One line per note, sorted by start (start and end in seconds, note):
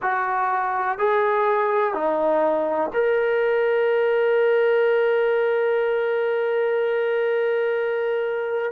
0.01 0.98 F#4
0.98 1.94 G#4
1.94 2.90 D#4
2.93 8.72 A#4